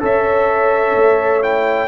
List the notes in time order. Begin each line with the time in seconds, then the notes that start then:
0.00 C#4 A4 C#5 E5
0.95 A3
1.42 E4 G5